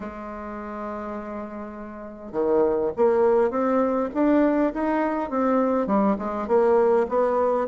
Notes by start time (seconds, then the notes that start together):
0.00 G#3
2.32 D#3
2.96 A#3
3.50 C4
4.13 D4
4.73 D#4
5.30 C4
5.86 G3
6.18 G#3
6.47 A#3
7.08 B3